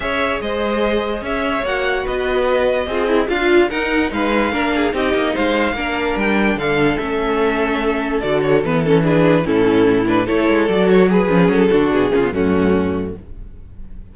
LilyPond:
<<
  \new Staff \with { instrumentName = "violin" } { \time 4/4 \tempo 4 = 146 e''4 dis''2 e''4 | fis''4 dis''2. | f''4 fis''4 f''2 | dis''4 f''2 g''4 |
f''4 e''2. | d''8 cis''8 b'8 a'8 b'4 a'4~ | a'8 b'8 cis''4 d''8 cis''8 b'4 | a'4 gis'4 fis'2 | }
  \new Staff \with { instrumentName = "violin" } { \time 4/4 cis''4 c''2 cis''4~ | cis''4 b'2 f'8 e'8 | f'4 ais'4 b'4 ais'8 gis'8 | g'4 c''4 ais'2 |
a'1~ | a'2 gis'4 e'4~ | e'4 a'2 gis'4~ | gis'8 fis'4 f'8 cis'2 | }
  \new Staff \with { instrumentName = "viola" } { \time 4/4 gis'1 | fis'2. gis'4 | f'4 dis'2 d'4 | dis'2 d'2~ |
d'4 cis'2. | fis'4 b8 cis'8 d'4 cis'4~ | cis'8 d'8 e'4 fis'4 gis'8 cis'8~ | cis'8 d'4 cis'16 b16 a2 | }
  \new Staff \with { instrumentName = "cello" } { \time 4/4 cis'4 gis2 cis'4 | ais4 b2 c'4 | d'4 dis'4 gis4 ais4 | c'8 ais8 gis4 ais4 g4 |
d4 a2. | d4 e2 a,4~ | a,4 a8 gis8 fis4. f8 | fis8 d8 b,8 cis8 fis,2 | }
>>